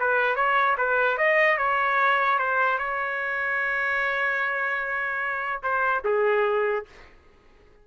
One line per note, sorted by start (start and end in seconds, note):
0.00 0.36 B4
0.36 0.77 C#5
0.78 1.18 B4
1.18 1.58 D#5
1.58 2.39 C#5
2.39 2.79 C5
2.79 5.62 C#5
5.63 6.04 C5
6.05 6.86 G#4